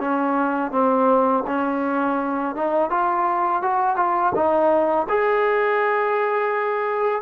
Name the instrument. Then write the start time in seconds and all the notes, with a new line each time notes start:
trombone
0.00 C#4
0.72 C4
1.47 C#4
2.55 D#4
2.90 F4
3.62 F#4
3.97 F4
4.35 D#4
5.09 G#4